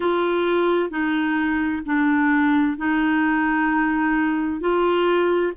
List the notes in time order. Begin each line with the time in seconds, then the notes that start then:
0.00 F4
0.90 D#4
1.85 D4
2.77 D#4
4.60 F4